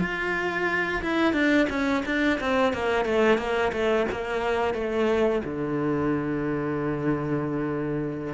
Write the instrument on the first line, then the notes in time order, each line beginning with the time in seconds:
cello
0.00 F4
1.03 E4
1.33 D4
1.70 C#4
2.06 D4
2.40 C4
2.73 A#3
3.06 A3
3.38 A#3
3.73 A3
4.12 A#3
4.74 A3
5.45 D3